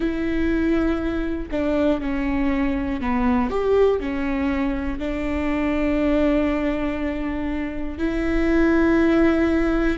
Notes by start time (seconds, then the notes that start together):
0.00 E4
1.50 D4
2.00 C#4
3.00 B3
3.50 G4
4.00 C#4
4.98 D4
7.98 E4